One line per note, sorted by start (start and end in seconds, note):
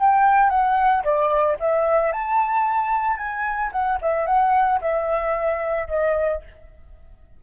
0.00 0.50 G5
0.50 1.03 F#5
1.04 1.57 D5
1.60 2.13 E5
2.13 3.17 A5
3.17 3.71 G#5
3.72 3.99 F#5
4.02 4.27 E5
4.27 4.80 F#5
4.82 5.88 E5
5.88 6.42 D#5